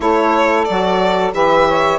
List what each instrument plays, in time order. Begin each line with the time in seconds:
0.00 bassoon A3, saxophone E4 A4, violin C#5
0.64 bassoon F#3, saxophone F#4, violin D5
1.32 bassoon E3, saxophone G4 B4, violin E5
1.67 saxophone C#5